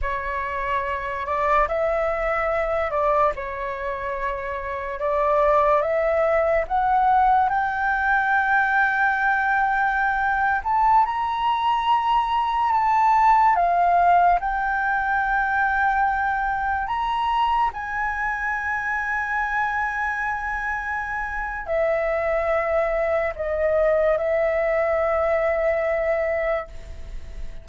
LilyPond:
\new Staff \with { instrumentName = "flute" } { \time 4/4 \tempo 4 = 72 cis''4. d''8 e''4. d''8 | cis''2 d''4 e''4 | fis''4 g''2.~ | g''8. a''8 ais''2 a''8.~ |
a''16 f''4 g''2~ g''8.~ | g''16 ais''4 gis''2~ gis''8.~ | gis''2 e''2 | dis''4 e''2. | }